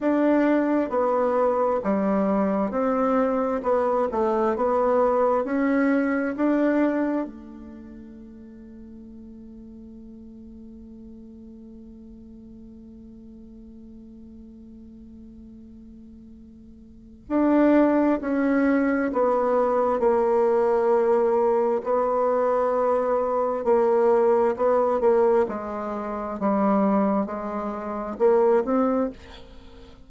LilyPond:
\new Staff \with { instrumentName = "bassoon" } { \time 4/4 \tempo 4 = 66 d'4 b4 g4 c'4 | b8 a8 b4 cis'4 d'4 | a1~ | a1~ |
a2. d'4 | cis'4 b4 ais2 | b2 ais4 b8 ais8 | gis4 g4 gis4 ais8 c'8 | }